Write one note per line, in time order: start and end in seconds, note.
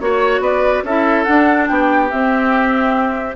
0.00 0.40 A#3
0.00 0.84 F#4
0.00 0.42 C#5
0.00 0.41 C#5
0.40 0.82 B3
0.40 0.83 B4
0.40 0.85 D5
0.83 1.25 C#4
0.83 1.26 E4
0.83 1.69 A4
0.83 1.24 E5
1.24 2.10 D4
1.24 1.69 D4
1.24 1.66 F#5
1.67 2.11 B3
1.67 3.36 G4
1.67 2.09 G5
2.10 3.36 C4
2.10 3.36 E5